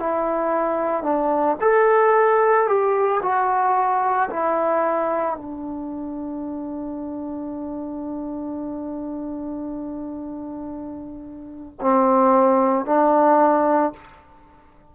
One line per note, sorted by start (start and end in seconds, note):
0.00 1.04 E4
1.04 1.57 D4
1.61 2.68 A4
2.68 3.21 G4
3.22 4.30 F#4
4.30 5.36 E4
5.36 11.79 D4
11.81 12.86 C4
12.86 13.93 D4